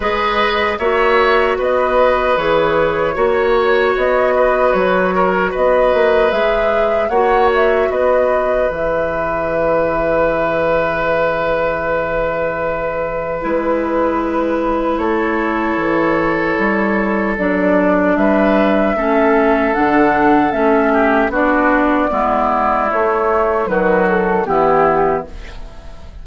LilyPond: <<
  \new Staff \with { instrumentName = "flute" } { \time 4/4 \tempo 4 = 76 dis''4 e''4 dis''4 cis''4~ | cis''4 dis''4 cis''4 dis''4 | e''4 fis''8 e''8 dis''4 e''4~ | e''1~ |
e''4 b'2 cis''4~ | cis''2 d''4 e''4~ | e''4 fis''4 e''4 d''4~ | d''4 cis''4 b'8 a'8 g'4 | }
  \new Staff \with { instrumentName = "oboe" } { \time 4/4 b'4 cis''4 b'2 | cis''4. b'4 ais'8 b'4~ | b'4 cis''4 b'2~ | b'1~ |
b'2. a'4~ | a'2. b'4 | a'2~ a'8 g'8 fis'4 | e'2 fis'4 e'4 | }
  \new Staff \with { instrumentName = "clarinet" } { \time 4/4 gis'4 fis'2 gis'4 | fis'1 | gis'4 fis'2 gis'4~ | gis'1~ |
gis'4 e'2.~ | e'2 d'2 | cis'4 d'4 cis'4 d'4 | b4 a4 fis4 b4 | }
  \new Staff \with { instrumentName = "bassoon" } { \time 4/4 gis4 ais4 b4 e4 | ais4 b4 fis4 b8 ais8 | gis4 ais4 b4 e4~ | e1~ |
e4 gis2 a4 | e4 g4 fis4 g4 | a4 d4 a4 b4 | gis4 a4 dis4 e4 | }
>>